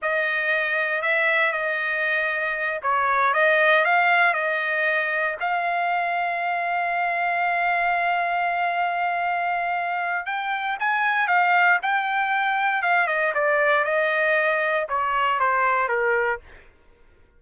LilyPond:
\new Staff \with { instrumentName = "trumpet" } { \time 4/4 \tempo 4 = 117 dis''2 e''4 dis''4~ | dis''4. cis''4 dis''4 f''8~ | f''8 dis''2 f''4.~ | f''1~ |
f''1 | g''4 gis''4 f''4 g''4~ | g''4 f''8 dis''8 d''4 dis''4~ | dis''4 cis''4 c''4 ais'4 | }